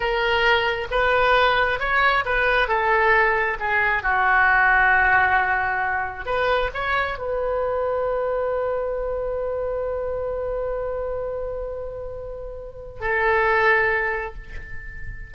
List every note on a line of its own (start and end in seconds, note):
0.00 0.87 A#4
0.90 1.79 B4
1.79 2.24 C#5
2.25 2.68 B4
2.68 3.57 A4
3.59 4.02 G#4
4.02 6.25 F#4
6.25 6.70 B4
6.74 7.18 C#5
7.18 13.00 B4
13.00 14.34 A4